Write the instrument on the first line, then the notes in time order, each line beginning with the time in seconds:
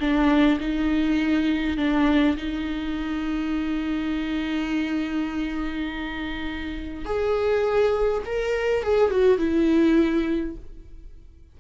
viola
0.00 D4
0.60 D#4
1.78 D4
2.37 D#4
7.05 G#4
8.26 A#4
8.83 G#4
9.11 F#4
9.38 E4